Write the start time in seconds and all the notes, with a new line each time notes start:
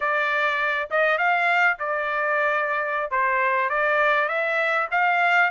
0.00 D5
0.90 D#5
1.17 F5
1.79 D5
3.10 C5
3.69 D5
4.28 E5
4.91 F5